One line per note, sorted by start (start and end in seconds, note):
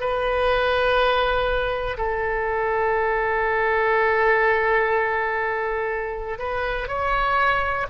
0.00 1.97 B4
1.98 6.39 A4
6.39 6.88 B4
6.88 7.86 C#5